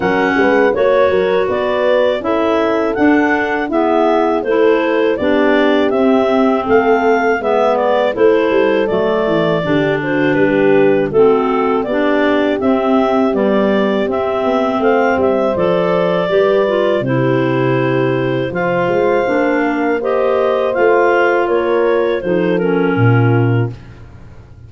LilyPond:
<<
  \new Staff \with { instrumentName = "clarinet" } { \time 4/4 \tempo 4 = 81 fis''4 cis''4 d''4 e''4 | fis''4 e''4 c''4 d''4 | e''4 f''4 e''8 d''8 c''4 | d''4. c''8 b'4 a'4 |
d''4 e''4 d''4 e''4 | f''8 e''8 d''2 c''4~ | c''4 f''2 dis''4 | f''4 cis''4 c''8 ais'4. | }
  \new Staff \with { instrumentName = "horn" } { \time 4/4 ais'8 b'8 cis''8 ais'8 b'4 a'4~ | a'4 gis'4 a'4 g'4~ | g'4 a'4 b'4 a'4~ | a'4 g'8 fis'8 g'4 fis'4 |
g'1 | c''2 b'4 g'4~ | g'4 c''4. ais'8 c''4~ | c''4 ais'4 a'4 f'4 | }
  \new Staff \with { instrumentName = "clarinet" } { \time 4/4 cis'4 fis'2 e'4 | d'4 b4 e'4 d'4 | c'2 b4 e'4 | a4 d'2 c'4 |
d'4 c'4 g4 c'4~ | c'4 a'4 g'8 f'8 e'4~ | e'4 f'4 d'4 g'4 | f'2 dis'8 cis'4. | }
  \new Staff \with { instrumentName = "tuba" } { \time 4/4 fis8 gis8 ais8 fis8 b4 cis'4 | d'4 e'4 a4 b4 | c'4 a4 gis4 a8 g8 | fis8 e8 d4 g4 a4 |
b4 c'4 b4 c'8 b8 | a8 g8 f4 g4 c4~ | c4 f8 gis8 ais2 | a4 ais4 f4 ais,4 | }
>>